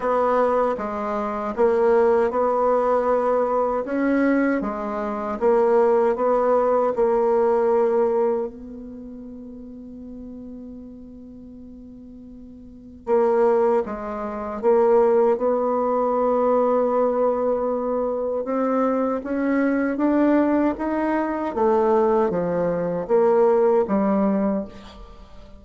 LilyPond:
\new Staff \with { instrumentName = "bassoon" } { \time 4/4 \tempo 4 = 78 b4 gis4 ais4 b4~ | b4 cis'4 gis4 ais4 | b4 ais2 b4~ | b1~ |
b4 ais4 gis4 ais4 | b1 | c'4 cis'4 d'4 dis'4 | a4 f4 ais4 g4 | }